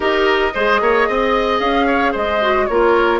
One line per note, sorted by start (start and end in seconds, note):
0.00 0.53 D#4
0.00 0.52 G4
0.00 0.53 A#4
0.00 1.59 D#5
0.54 0.80 G#3
0.54 2.41 G#4
0.54 0.80 C5
0.80 1.07 A#3
0.80 1.08 C#5
1.08 1.60 C4
1.08 1.86 D#5
1.59 2.13 C#4
1.59 2.13 F5
1.86 2.12 C#5
2.12 2.69 G#3
2.12 2.65 C5
2.12 2.66 D#5
2.41 2.68 F#4
2.66 3.19 A#3
2.66 3.19 F4
2.66 3.19 A#4
2.66 3.19 C#5